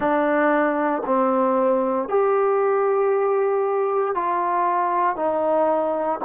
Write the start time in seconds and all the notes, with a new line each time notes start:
0.00 D4
1.05 C4
2.08 G4
4.14 F4
5.16 D#4